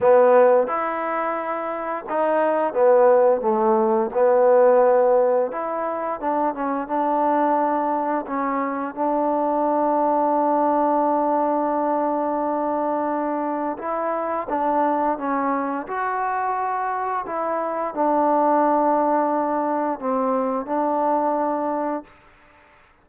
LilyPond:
\new Staff \with { instrumentName = "trombone" } { \time 4/4 \tempo 4 = 87 b4 e'2 dis'4 | b4 a4 b2 | e'4 d'8 cis'8 d'2 | cis'4 d'2.~ |
d'1 | e'4 d'4 cis'4 fis'4~ | fis'4 e'4 d'2~ | d'4 c'4 d'2 | }